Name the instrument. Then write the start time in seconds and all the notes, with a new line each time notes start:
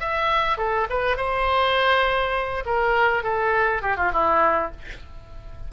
oboe
0.00 E5
0.57 A4
0.89 B4
1.17 C5
2.66 A#4
3.23 A4
3.82 G4
3.97 F4
4.13 E4